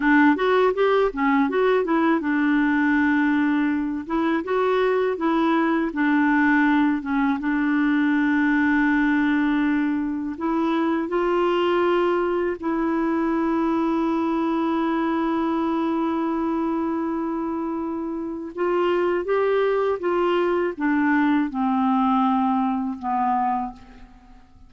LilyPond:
\new Staff \with { instrumentName = "clarinet" } { \time 4/4 \tempo 4 = 81 d'8 fis'8 g'8 cis'8 fis'8 e'8 d'4~ | d'4. e'8 fis'4 e'4 | d'4. cis'8 d'2~ | d'2 e'4 f'4~ |
f'4 e'2.~ | e'1~ | e'4 f'4 g'4 f'4 | d'4 c'2 b4 | }